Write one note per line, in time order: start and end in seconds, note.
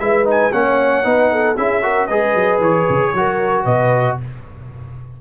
0.00 0.53 G#3
0.00 0.25 E4
0.00 0.54 B4
0.00 0.26 E5
0.25 0.51 D#4
0.25 0.53 G#5
0.53 1.05 A#3
0.53 1.04 C#4
0.53 1.06 C#5
0.53 1.57 F#5
1.04 1.58 B3
1.04 1.56 D#4
1.04 1.32 B4
1.32 1.58 A4
1.57 2.10 C#4
1.57 1.83 E4
1.57 1.83 G#4
1.57 2.07 E5
1.83 2.09 F#4
1.83 2.07 A#4
2.07 2.35 G#3
2.07 3.15 G#4
2.07 3.12 B4
2.07 2.59 D#5
2.35 2.60 F#3
2.60 2.86 E3
2.60 3.66 C#5
2.90 3.14 C#3
3.14 3.66 F#3
3.14 4.21 F#4
3.14 3.64 A#4
3.64 4.18 B2
3.64 4.17 B4
3.64 4.18 D#5